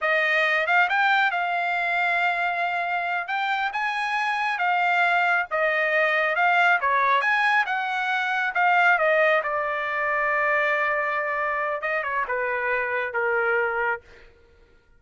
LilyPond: \new Staff \with { instrumentName = "trumpet" } { \time 4/4 \tempo 4 = 137 dis''4. f''8 g''4 f''4~ | f''2.~ f''8 g''8~ | g''8 gis''2 f''4.~ | f''8 dis''2 f''4 cis''8~ |
cis''8 gis''4 fis''2 f''8~ | f''8 dis''4 d''2~ d''8~ | d''2. dis''8 cis''8 | b'2 ais'2 | }